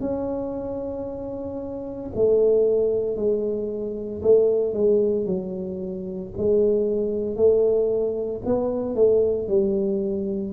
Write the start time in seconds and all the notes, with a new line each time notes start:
0.00 C#4
2.15 A3
3.16 G#3
4.22 A3
4.74 G#3
5.25 F#3
6.37 G#3
7.36 A3
8.45 B3
8.95 A3
9.48 G3